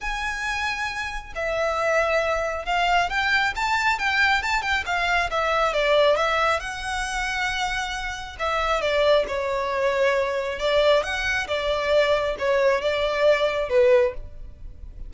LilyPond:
\new Staff \with { instrumentName = "violin" } { \time 4/4 \tempo 4 = 136 gis''2. e''4~ | e''2 f''4 g''4 | a''4 g''4 a''8 g''8 f''4 | e''4 d''4 e''4 fis''4~ |
fis''2. e''4 | d''4 cis''2. | d''4 fis''4 d''2 | cis''4 d''2 b'4 | }